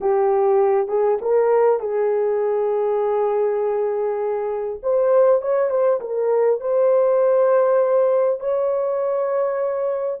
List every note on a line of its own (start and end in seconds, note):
0.00 0.88 G4
0.88 1.18 G#4
1.21 1.80 A#4
1.80 4.80 G#4
4.82 5.41 C5
5.41 5.70 C#5
5.70 6.00 C5
6.00 6.60 A#4
6.60 8.40 C5
8.40 10.20 C#5